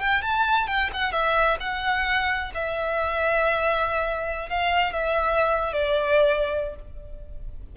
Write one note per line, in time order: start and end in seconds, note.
0.00 0.22 G5
0.22 0.67 A5
0.67 0.90 G5
0.93 1.12 F#5
1.12 1.58 E5
1.60 2.51 F#5
2.54 4.49 E5
4.49 4.93 F5
4.93 5.73 E5
5.73 6.76 D5